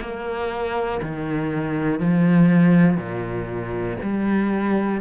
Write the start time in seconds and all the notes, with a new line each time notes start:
0.00 A#3
1.01 D#3
2.00 F3
2.97 A#2
4.02 G3